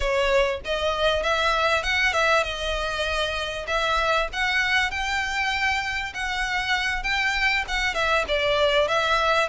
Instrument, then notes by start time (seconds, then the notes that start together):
violin
0.00 C#5
0.64 D#5
1.22 E5
1.83 F#5
2.13 E5
2.43 D#5
3.67 E5
4.32 F#5
4.90 G5
6.14 F#5
7.03 G5
7.68 F#5
7.94 E5
8.27 D5
8.88 E5